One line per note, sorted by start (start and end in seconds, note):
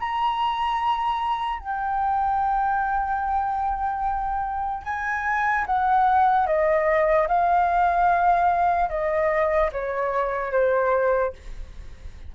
0.00 1.60 A#5
1.60 4.84 G5
4.84 5.65 G#5
5.66 6.46 F#5
6.46 7.28 D#5
7.28 8.89 F5
8.89 9.70 D#5
9.72 10.52 C#5
10.52 11.33 C5